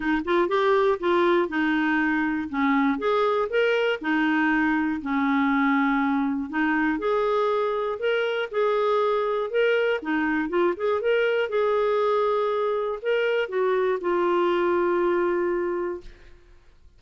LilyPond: \new Staff \with { instrumentName = "clarinet" } { \time 4/4 \tempo 4 = 120 dis'8 f'8 g'4 f'4 dis'4~ | dis'4 cis'4 gis'4 ais'4 | dis'2 cis'2~ | cis'4 dis'4 gis'2 |
ais'4 gis'2 ais'4 | dis'4 f'8 gis'8 ais'4 gis'4~ | gis'2 ais'4 fis'4 | f'1 | }